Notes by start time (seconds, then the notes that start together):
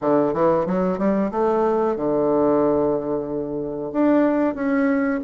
0.01 D3
0.33 E3
0.66 F#3
0.98 G3
1.31 A3
1.96 D3
3.92 D4
4.54 C#4